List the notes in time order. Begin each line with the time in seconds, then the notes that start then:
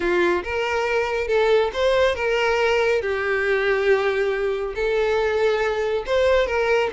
0.00 F4
0.43 A#4
1.27 A4
1.73 C5
2.15 A#4
3.01 G4
4.75 A4
6.06 C5
6.46 A#4